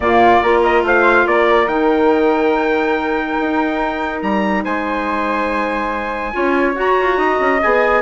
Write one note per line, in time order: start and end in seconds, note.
0.00 0.41 A#2
0.00 0.43 A#3
0.00 0.42 F4
0.00 0.62 D5
0.42 0.83 A#3
0.42 1.67 F4
0.42 0.85 A#4
0.63 0.84 D#5
0.83 1.25 A3
0.83 1.26 C5
0.83 1.27 F5
1.26 1.66 A#3
1.26 4.63 A#4
1.26 1.68 D5
1.66 3.35 D#3
1.66 6.32 D#4
1.66 4.21 G5
3.40 4.22 D#4
4.21 4.64 G3
4.21 4.64 A#5
4.63 6.34 G#3
4.63 6.32 C5
4.63 6.75 G#5
6.32 6.75 C#4
6.32 6.74 F4
6.32 7.18 C#5
6.74 7.59 F#4
6.74 6.96 F#4
6.74 7.61 A#5
7.00 7.17 F4
7.17 7.38 D#4
7.17 8.02 D#5
7.40 7.61 C#4
7.61 8.02 B3
7.61 8.02 G#4
7.61 8.02 G#5